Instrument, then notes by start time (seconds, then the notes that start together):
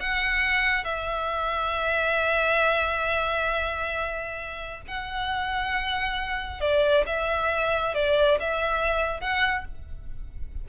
violin
0.00 F#5
0.84 E5
4.88 F#5
6.61 D5
7.06 E5
7.94 D5
8.40 E5
9.21 F#5